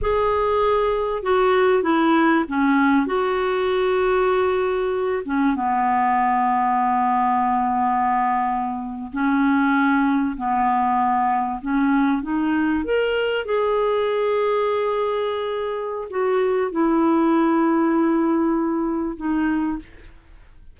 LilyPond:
\new Staff \with { instrumentName = "clarinet" } { \time 4/4 \tempo 4 = 97 gis'2 fis'4 e'4 | cis'4 fis'2.~ | fis'8 cis'8 b2.~ | b2~ b8. cis'4~ cis'16~ |
cis'8. b2 cis'4 dis'16~ | dis'8. ais'4 gis'2~ gis'16~ | gis'2 fis'4 e'4~ | e'2. dis'4 | }